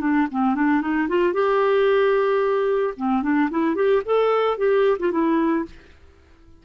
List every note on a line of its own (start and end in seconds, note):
0.00 0.27 D4
0.31 0.55 C4
0.55 0.81 D4
0.81 1.08 D#4
1.08 1.33 F4
1.33 2.94 G4
2.97 3.22 C4
3.22 3.49 D4
3.50 3.75 E4
3.75 4.02 G4
4.05 4.57 A4
4.57 4.97 G4
4.99 5.11 F4
5.11 5.65 E4